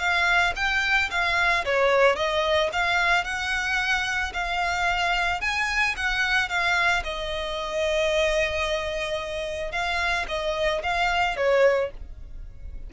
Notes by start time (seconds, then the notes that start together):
0.00 F5
0.56 G5
1.11 F5
1.65 C#5
2.16 D#5
2.73 F5
3.25 F#5
4.34 F5
5.42 G#5
5.97 F#5
6.49 F5
7.04 D#5
9.72 F5
10.29 D#5
10.84 F5
11.37 C#5